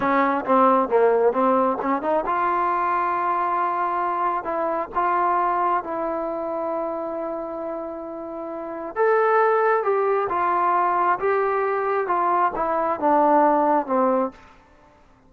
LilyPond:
\new Staff \with { instrumentName = "trombone" } { \time 4/4 \tempo 4 = 134 cis'4 c'4 ais4 c'4 | cis'8 dis'8 f'2.~ | f'2 e'4 f'4~ | f'4 e'2.~ |
e'1 | a'2 g'4 f'4~ | f'4 g'2 f'4 | e'4 d'2 c'4 | }